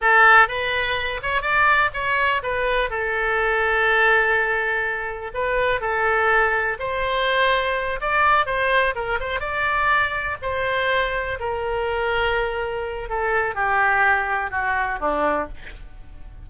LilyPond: \new Staff \with { instrumentName = "oboe" } { \time 4/4 \tempo 4 = 124 a'4 b'4. cis''8 d''4 | cis''4 b'4 a'2~ | a'2. b'4 | a'2 c''2~ |
c''8 d''4 c''4 ais'8 c''8 d''8~ | d''4. c''2 ais'8~ | ais'2. a'4 | g'2 fis'4 d'4 | }